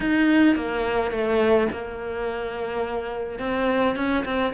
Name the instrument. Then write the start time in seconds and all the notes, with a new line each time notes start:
cello
0.00 D#4
0.55 A#3
1.11 A3
1.72 A#3
3.39 C4
3.95 C#4
4.25 C4